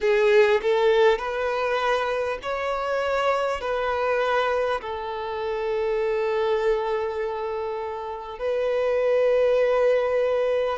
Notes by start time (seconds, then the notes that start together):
0.00 G#4
0.62 A4
1.18 B4
2.42 C#5
3.61 B4
4.81 A4
8.38 B4